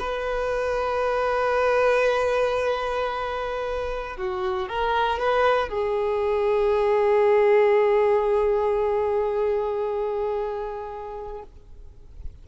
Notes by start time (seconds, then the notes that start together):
0.00 B4
4.18 F#4
4.69 A#4
5.19 B4
5.69 G#4